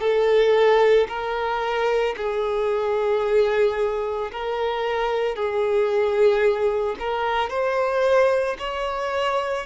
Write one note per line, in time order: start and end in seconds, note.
0.00 1.07 A4
1.08 2.15 A#4
2.17 4.31 G#4
4.32 5.35 A#4
5.35 6.96 G#4
6.99 7.50 A#4
7.50 8.57 C5
8.59 9.66 C#5